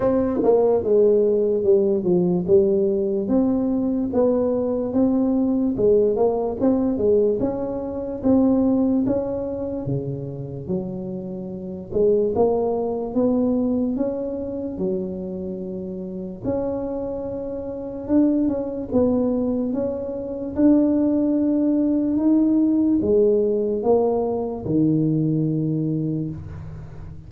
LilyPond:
\new Staff \with { instrumentName = "tuba" } { \time 4/4 \tempo 4 = 73 c'8 ais8 gis4 g8 f8 g4 | c'4 b4 c'4 gis8 ais8 | c'8 gis8 cis'4 c'4 cis'4 | cis4 fis4. gis8 ais4 |
b4 cis'4 fis2 | cis'2 d'8 cis'8 b4 | cis'4 d'2 dis'4 | gis4 ais4 dis2 | }